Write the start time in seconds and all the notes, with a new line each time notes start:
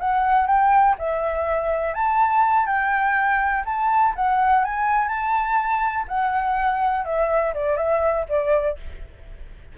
0.00 F#5
0.47 G5
0.99 E5
1.94 A5
2.67 G5
3.66 A5
4.16 F#5
4.65 G#5
5.09 A5
6.08 F#5
7.05 E5
7.55 D5
7.78 E5
8.29 D5